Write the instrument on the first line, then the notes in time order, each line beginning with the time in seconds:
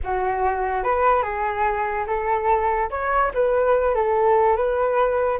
flute
0.03 F#4
0.83 B4
1.22 G#4
2.06 A4
2.90 C#5
3.33 B4
3.94 A4
4.56 B4